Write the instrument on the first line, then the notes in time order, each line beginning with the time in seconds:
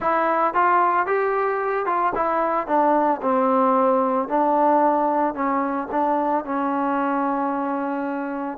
trombone
0.00 E4
0.54 F4
1.06 G4
1.86 F4
2.15 E4
2.67 D4
3.21 C4
4.28 D4
5.34 C#4
5.91 D4
6.44 C#4